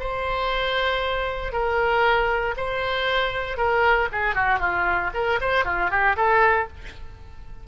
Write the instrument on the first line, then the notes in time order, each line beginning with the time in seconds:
oboe
0.00 C5
1.53 A#4
2.57 C5
3.58 A#4
4.13 G#4
4.35 F#4
4.60 F4
5.14 A#4
5.41 C5
5.65 F4
5.91 G4
6.17 A4